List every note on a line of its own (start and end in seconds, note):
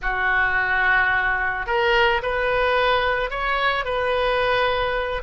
0.02 1.66 F#4
1.66 2.21 A#4
2.22 3.30 B4
3.30 3.84 C#5
3.84 5.22 B4